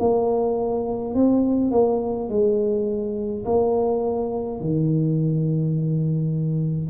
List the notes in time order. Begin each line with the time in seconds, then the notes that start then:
0.00 A#3
1.15 C4
1.72 A#3
2.30 G#3
3.46 A#3
4.61 D#3